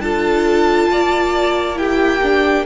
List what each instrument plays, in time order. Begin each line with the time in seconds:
0.00 cello D4, viola F4, violin A4 A5
0.92 cello A#3, violin D5
1.76 viola E4, violin G4 G5
2.23 viola D4